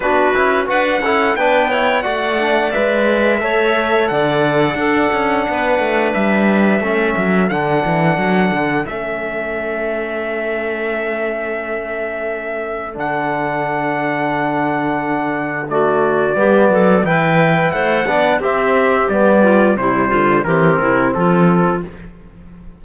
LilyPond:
<<
  \new Staff \with { instrumentName = "trumpet" } { \time 4/4 \tempo 4 = 88 b'4 fis''4 g''4 fis''4 | e''2 fis''2~ | fis''4 e''2 fis''4~ | fis''4 e''2.~ |
e''2. fis''4~ | fis''2. d''4~ | d''4 g''4 fis''4 e''4 | d''4 c''4 ais'4 a'4 | }
  \new Staff \with { instrumentName = "clarinet" } { \time 4/4 fis'4 b'8 a'8 b'8 cis''8 d''4~ | d''4 cis''4 d''4 a'4 | b'2 a'2~ | a'1~ |
a'1~ | a'2. fis'4 | g'8 a'8 b'4 c''8 d''8 g'4~ | g'8 f'8 e'8 f'8 g'8 e'8 f'4 | }
  \new Staff \with { instrumentName = "trombone" } { \time 4/4 d'8 e'8 fis'8 e'8 d'8 e'8 fis'8 d'8 | b'4 a'2 d'4~ | d'2 cis'4 d'4~ | d'4 cis'2.~ |
cis'2. d'4~ | d'2. a4 | b4 e'4. d'8 c'4 | b4 g4 c'2 | }
  \new Staff \with { instrumentName = "cello" } { \time 4/4 b8 cis'8 d'8 cis'8 b4 a4 | gis4 a4 d4 d'8 cis'8 | b8 a8 g4 a8 fis8 d8 e8 | fis8 d8 a2.~ |
a2. d4~ | d1 | g8 fis8 e4 a8 b8 c'4 | g4 c8 d8 e8 c8 f4 | }
>>